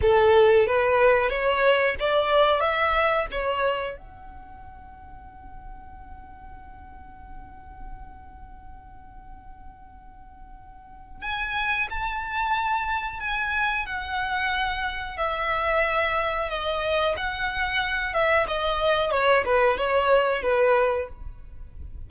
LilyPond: \new Staff \with { instrumentName = "violin" } { \time 4/4 \tempo 4 = 91 a'4 b'4 cis''4 d''4 | e''4 cis''4 fis''2~ | fis''1~ | fis''1~ |
fis''4 gis''4 a''2 | gis''4 fis''2 e''4~ | e''4 dis''4 fis''4. e''8 | dis''4 cis''8 b'8 cis''4 b'4 | }